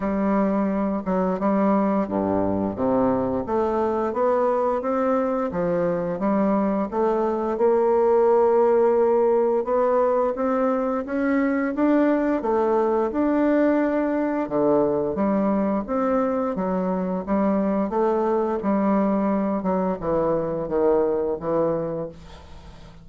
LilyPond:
\new Staff \with { instrumentName = "bassoon" } { \time 4/4 \tempo 4 = 87 g4. fis8 g4 g,4 | c4 a4 b4 c'4 | f4 g4 a4 ais4~ | ais2 b4 c'4 |
cis'4 d'4 a4 d'4~ | d'4 d4 g4 c'4 | fis4 g4 a4 g4~ | g8 fis8 e4 dis4 e4 | }